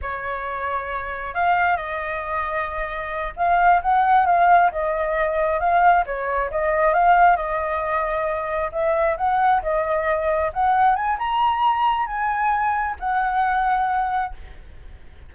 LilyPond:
\new Staff \with { instrumentName = "flute" } { \time 4/4 \tempo 4 = 134 cis''2. f''4 | dis''2.~ dis''8 f''8~ | f''8 fis''4 f''4 dis''4.~ | dis''8 f''4 cis''4 dis''4 f''8~ |
f''8 dis''2. e''8~ | e''8 fis''4 dis''2 fis''8~ | fis''8 gis''8 ais''2 gis''4~ | gis''4 fis''2. | }